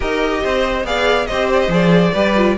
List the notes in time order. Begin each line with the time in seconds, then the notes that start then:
0.00 D#4 G4 A#4 D#5
0.43 C4 C5
0.84 B3 G#4 D5 F5
1.26 C4 G4 C5 D#5
1.53 D5
1.60 D#5
1.67 F3 G#4 D5
2.13 G3 G4 B4
2.36 F4